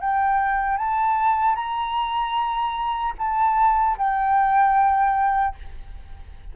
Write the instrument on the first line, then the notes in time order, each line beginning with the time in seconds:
flute
0.00 G5
0.77 A5
1.55 A#5
3.18 A5
3.97 G5